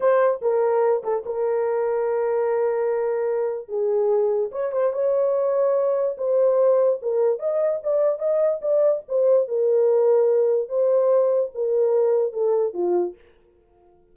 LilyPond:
\new Staff \with { instrumentName = "horn" } { \time 4/4 \tempo 4 = 146 c''4 ais'4. a'8 ais'4~ | ais'1~ | ais'4 gis'2 cis''8 c''8 | cis''2. c''4~ |
c''4 ais'4 dis''4 d''4 | dis''4 d''4 c''4 ais'4~ | ais'2 c''2 | ais'2 a'4 f'4 | }